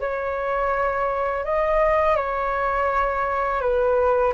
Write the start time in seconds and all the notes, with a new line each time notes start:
0.00 C#5
1.45 D#5
2.16 C#5
3.61 B4